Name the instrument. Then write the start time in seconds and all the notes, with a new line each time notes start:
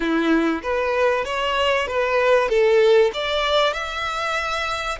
violin
0.00 E4
0.62 B4
1.24 C#5
1.87 B4
2.48 A4
3.13 D5
3.73 E5